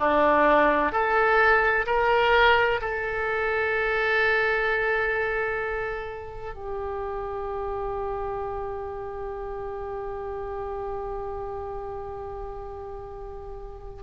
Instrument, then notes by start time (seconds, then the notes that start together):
oboe
0.00 D4
0.92 A4
1.87 A#4
2.82 A4
6.55 G4